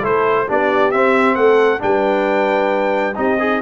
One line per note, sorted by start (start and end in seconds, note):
0.00 0.49 A3
0.00 0.48 E4
0.00 0.45 A4
0.00 0.50 C5
0.48 0.93 B3
0.48 0.93 D4
0.48 1.38 G4
0.48 0.91 D5
0.91 1.36 C4
0.91 1.79 C4
0.91 1.36 E5
1.36 1.81 A3
1.36 1.82 A4
1.36 1.80 F#5
1.79 3.17 G3
1.79 3.14 D4
1.79 3.17 B4
1.79 3.17 G5
3.15 3.62 C4
3.15 3.38 D#4
3.15 3.39 G4
3.15 3.62 D#5
3.40 3.62 D#4
3.40 3.62 G#4